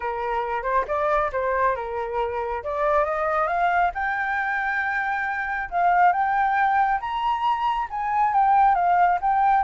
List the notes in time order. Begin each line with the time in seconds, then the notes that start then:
0.00 A#4
0.63 C5
0.87 D5
1.32 C5
1.75 A#4
2.63 D5
3.04 D#5
3.47 F5
3.94 G5
5.70 F5
6.12 G5
7.00 A#5
7.90 G#5
8.33 G5
8.75 F5
9.21 G5